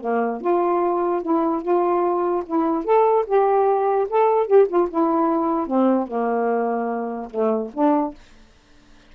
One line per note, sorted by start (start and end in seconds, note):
0.00 0.41 A#3
0.41 1.22 F4
1.22 1.62 E4
1.62 2.43 F4
2.46 2.84 E4
2.84 3.25 A4
3.26 4.07 G4
4.09 4.46 A4
4.46 4.67 G4
4.68 4.88 F4
4.90 5.67 E4
5.67 6.07 C4
6.07 7.29 A#3
7.30 7.71 A3
7.73 8.14 D4